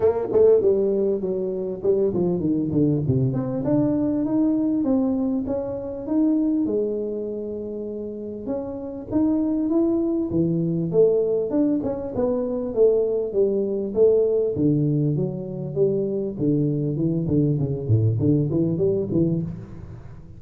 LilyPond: \new Staff \with { instrumentName = "tuba" } { \time 4/4 \tempo 4 = 99 ais8 a8 g4 fis4 g8 f8 | dis8 d8 c8 c'8 d'4 dis'4 | c'4 cis'4 dis'4 gis4~ | gis2 cis'4 dis'4 |
e'4 e4 a4 d'8 cis'8 | b4 a4 g4 a4 | d4 fis4 g4 d4 | e8 d8 cis8 a,8 d8 e8 g8 e8 | }